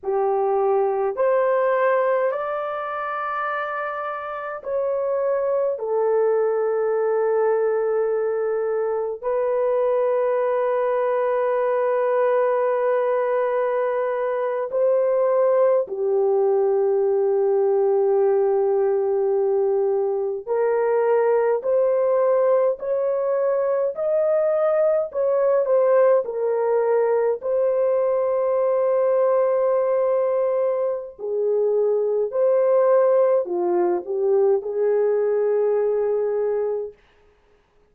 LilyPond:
\new Staff \with { instrumentName = "horn" } { \time 4/4 \tempo 4 = 52 g'4 c''4 d''2 | cis''4 a'2. | b'1~ | b'8. c''4 g'2~ g'16~ |
g'4.~ g'16 ais'4 c''4 cis''16~ | cis''8. dis''4 cis''8 c''8 ais'4 c''16~ | c''2. gis'4 | c''4 f'8 g'8 gis'2 | }